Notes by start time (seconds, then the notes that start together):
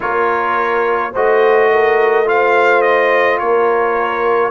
0.00 A#3 F4 A#4 C#5
1.12 A3 F#4 C5 D#5
1.71 A#4
2.25 F4 C5 F5
2.81 D#5
3.38 A#3 A#4 C#5